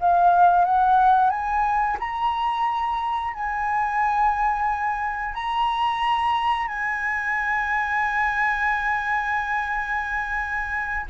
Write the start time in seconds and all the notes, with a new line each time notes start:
0.00 F5
0.65 F#5
1.30 G#5
1.99 A#5
3.33 G#5
5.34 A#5
6.68 G#5